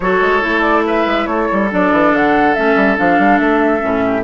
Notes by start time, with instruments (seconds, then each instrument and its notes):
0.00 bassoon F#3, clarinet F#4, oboe A4, flute C#5
0.21 bassoon G#3
0.40 bassoon A3, clarinet E4
0.61 flute D5
0.86 oboe B4, flute E5
1.06 bassoon G#3
1.26 bassoon A3, oboe A4, flute C#5
1.52 bassoon G3
1.71 bassoon F#3, clarinet D4, flute D5
1.92 bassoon E3
2.12 bassoon D3, flute F#5
2.54 bassoon A3, clarinet C#4, flute E5
2.75 bassoon G3
2.97 bassoon F3, clarinet D4, flute F5
3.18 bassoon G3
3.38 bassoon A3, flute E5
3.80 bassoon A2, clarinet C#4
4.05 oboe G4